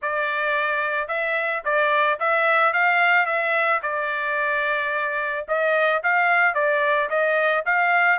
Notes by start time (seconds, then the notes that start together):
0.01 D5
1.08 E5
1.64 D5
2.19 E5
2.73 F5
3.26 E5
3.82 D5
5.48 D#5
6.03 F5
6.54 D5
7.09 D#5
7.65 F5